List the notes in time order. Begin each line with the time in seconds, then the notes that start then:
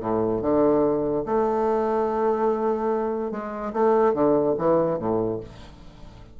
0.00 A2
0.41 D3
1.26 A3
3.31 G#3
3.73 A3
4.13 D3
4.58 E3
4.99 A2